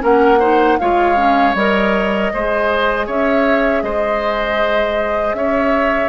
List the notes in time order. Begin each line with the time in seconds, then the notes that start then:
0.00 A#3 C#4 A#4 F#5
0.40 D#4 C5
0.79 G#3 F4 C#5 F5
1.17 C#4
1.55 G3 A#4 D#5
2.33 G#3 G#4 C5
3.07 C#4 C#5 E5
3.83 G#3 C5 D#5
5.34 C#4 C#5 E5